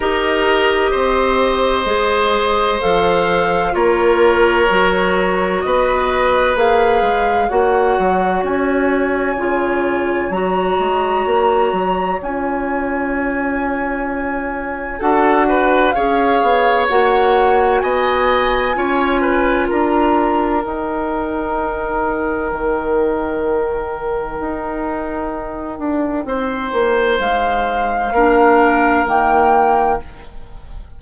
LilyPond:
<<
  \new Staff \with { instrumentName = "flute" } { \time 4/4 \tempo 4 = 64 dis''2. f''4 | cis''2 dis''4 f''4 | fis''4 gis''2 ais''4~ | ais''4 gis''2. |
fis''4 f''4 fis''4 gis''4~ | gis''4 ais''4 g''2~ | g''1~ | g''4 f''2 g''4 | }
  \new Staff \with { instrumentName = "oboe" } { \time 4/4 ais'4 c''2. | ais'2 b'2 | cis''1~ | cis''1 |
a'8 b'8 cis''2 dis''4 | cis''8 b'8 ais'2.~ | ais'1 | c''2 ais'2 | }
  \new Staff \with { instrumentName = "clarinet" } { \time 4/4 g'2 gis'4 a'4 | f'4 fis'2 gis'4 | fis'2 f'4 fis'4~ | fis'4 f'2. |
fis'4 gis'4 fis'2 | f'2 dis'2~ | dis'1~ | dis'2 d'4 ais4 | }
  \new Staff \with { instrumentName = "bassoon" } { \time 4/4 dis'4 c'4 gis4 f4 | ais4 fis4 b4 ais8 gis8 | ais8 fis8 cis'4 cis4 fis8 gis8 | ais8 fis8 cis'2. |
d'4 cis'8 b8 ais4 b4 | cis'4 d'4 dis'2 | dis2 dis'4. d'8 | c'8 ais8 gis4 ais4 dis4 | }
>>